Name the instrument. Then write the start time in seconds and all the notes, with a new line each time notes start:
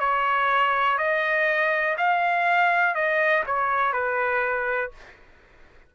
trumpet
0.00 C#5
0.98 D#5
1.98 F5
2.95 D#5
3.46 C#5
3.93 B4